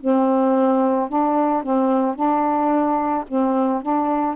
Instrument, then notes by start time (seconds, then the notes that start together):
saxophone
0.00 C4
1.09 D4
1.63 C4
2.15 D4
3.28 C4
3.82 D4